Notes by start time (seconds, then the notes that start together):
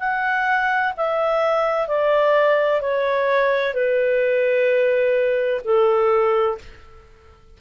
0.00 F#5
0.97 E5
1.88 D5
2.81 C#5
3.74 B4
5.65 A4